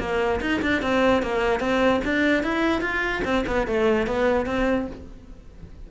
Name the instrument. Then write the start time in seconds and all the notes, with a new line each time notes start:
cello
0.00 A#3
0.41 D#4
0.63 D4
0.82 C4
1.23 A#3
1.60 C4
2.05 D4
2.44 E4
2.82 F4
3.25 C4
3.47 B3
3.68 A3
4.07 B3
4.46 C4